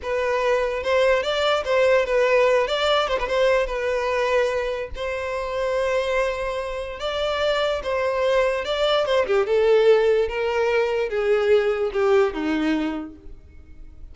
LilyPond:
\new Staff \with { instrumentName = "violin" } { \time 4/4 \tempo 4 = 146 b'2 c''4 d''4 | c''4 b'4. d''4 c''16 b'16 | c''4 b'2. | c''1~ |
c''4 d''2 c''4~ | c''4 d''4 c''8 g'8 a'4~ | a'4 ais'2 gis'4~ | gis'4 g'4 dis'2 | }